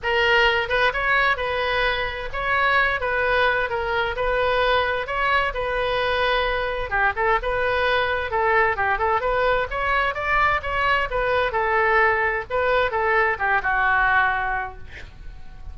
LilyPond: \new Staff \with { instrumentName = "oboe" } { \time 4/4 \tempo 4 = 130 ais'4. b'8 cis''4 b'4~ | b'4 cis''4. b'4. | ais'4 b'2 cis''4 | b'2. g'8 a'8 |
b'2 a'4 g'8 a'8 | b'4 cis''4 d''4 cis''4 | b'4 a'2 b'4 | a'4 g'8 fis'2~ fis'8 | }